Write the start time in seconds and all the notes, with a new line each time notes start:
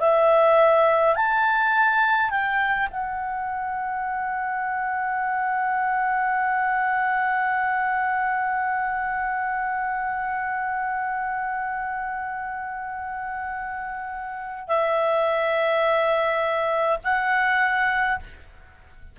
0.00 E5
1.15 A5
2.30 G5
2.91 F#5
14.68 E5
17.04 F#5